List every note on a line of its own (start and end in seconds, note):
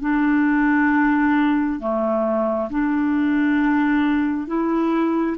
0.00 1.79 D4
1.80 2.69 A3
2.69 4.47 D4
4.47 5.36 E4